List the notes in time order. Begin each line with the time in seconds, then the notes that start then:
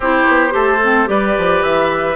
0.00 C4 E4 G4 C5
0.28 B3
0.50 A3 G4 A4
0.83 C4
1.06 G3 G4 B4 D5
1.37 F3
1.62 E3 E5